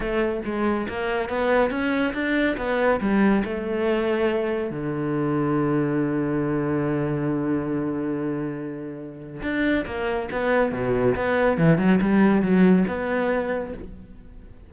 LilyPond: \new Staff \with { instrumentName = "cello" } { \time 4/4 \tempo 4 = 140 a4 gis4 ais4 b4 | cis'4 d'4 b4 g4 | a2. d4~ | d1~ |
d1~ | d2 d'4 ais4 | b4 b,4 b4 e8 fis8 | g4 fis4 b2 | }